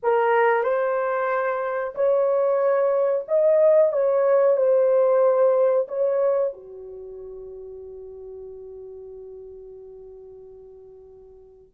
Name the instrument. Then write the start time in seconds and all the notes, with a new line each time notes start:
horn
0.03 A#4
0.63 C5
1.94 C#5
3.28 D#5
3.92 C#5
4.57 C5
5.88 C#5
6.53 F#4